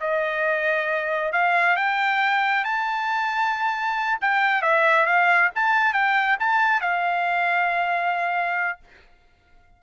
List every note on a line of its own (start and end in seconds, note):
0.00 1.32 D#5
1.32 1.76 F5
1.76 2.64 G5
2.64 4.19 A5
4.21 4.62 G5
4.62 5.06 E5
5.06 5.50 F5
5.55 5.93 A5
5.93 6.37 G5
6.39 6.81 A5
6.81 8.79 F5